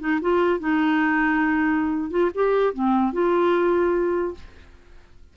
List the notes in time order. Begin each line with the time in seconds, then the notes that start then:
0.00 D#4
0.21 F4
0.60 D#4
2.11 F4
2.35 G4
2.74 C4
3.13 F4